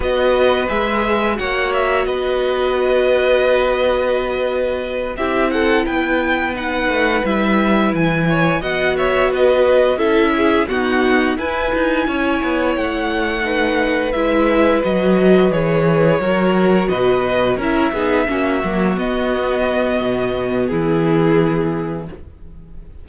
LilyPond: <<
  \new Staff \with { instrumentName = "violin" } { \time 4/4 \tempo 4 = 87 dis''4 e''4 fis''8 e''8 dis''4~ | dis''2.~ dis''8 e''8 | fis''8 g''4 fis''4 e''4 gis''8~ | gis''8 fis''8 e''8 dis''4 e''4 fis''8~ |
fis''8 gis''2 fis''4.~ | fis''8 e''4 dis''4 cis''4.~ | cis''8 dis''4 e''2 dis''8~ | dis''2 gis'2 | }
  \new Staff \with { instrumentName = "violin" } { \time 4/4 b'2 cis''4 b'4~ | b'2.~ b'8 g'8 | a'8 b'2.~ b'8 | cis''8 dis''8 cis''8 b'4 a'8 gis'8 fis'8~ |
fis'8 b'4 cis''2 b'8~ | b'2.~ b'8 ais'8~ | ais'8 b'4 ais'8 gis'8 fis'4.~ | fis'2 e'2 | }
  \new Staff \with { instrumentName = "viola" } { \time 4/4 fis'4 gis'4 fis'2~ | fis'2.~ fis'8 e'8~ | e'4. dis'4 e'4.~ | e'8 fis'2 e'4 b8~ |
b8 e'2. dis'8~ | dis'8 e'4 fis'4 gis'4 fis'8~ | fis'4. e'8 dis'8 cis'8 ais8 b8~ | b1 | }
  \new Staff \with { instrumentName = "cello" } { \time 4/4 b4 gis4 ais4 b4~ | b2.~ b8 c'8~ | c'8 b4. a8 g4 e8~ | e8 b2 cis'4 dis'8~ |
dis'8 e'8 dis'8 cis'8 b8 a4.~ | a8 gis4 fis4 e4 fis8~ | fis8 b,4 cis'8 b8 ais8 fis8 b8~ | b4 b,4 e2 | }
>>